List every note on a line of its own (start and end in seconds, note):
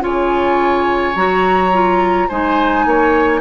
0.00 1.15 C#3
0.00 1.13 F4
0.00 2.28 C#5
0.00 1.15 G#5
1.15 2.28 F#3
1.15 1.72 F#4
1.15 2.28 A#5
1.72 2.29 F4
2.28 2.85 G#3
2.28 3.40 D#4
2.28 2.85 C5
2.28 3.40 G#5
2.85 3.40 A#3
2.85 3.40 C#5